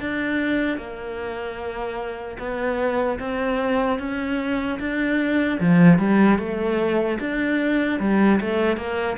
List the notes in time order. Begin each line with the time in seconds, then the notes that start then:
0.00 D4
0.77 A#3
2.39 B3
3.20 C4
3.99 C#4
4.80 D4
5.60 F3
5.99 G3
6.39 A3
7.20 D4
8.00 G3
8.41 A3
8.77 A#3